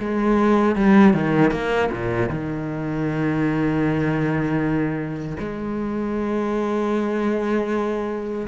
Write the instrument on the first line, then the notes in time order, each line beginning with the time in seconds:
cello
0.00 G#3
0.76 G3
1.14 D#3
1.52 A#3
1.92 A#2
2.29 D#3
5.40 G#3